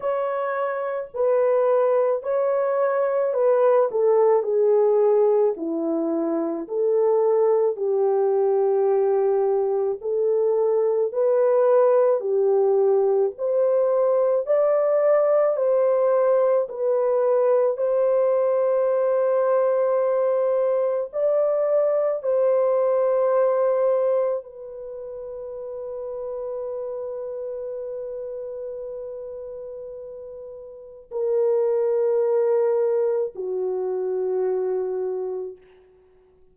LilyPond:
\new Staff \with { instrumentName = "horn" } { \time 4/4 \tempo 4 = 54 cis''4 b'4 cis''4 b'8 a'8 | gis'4 e'4 a'4 g'4~ | g'4 a'4 b'4 g'4 | c''4 d''4 c''4 b'4 |
c''2. d''4 | c''2 b'2~ | b'1 | ais'2 fis'2 | }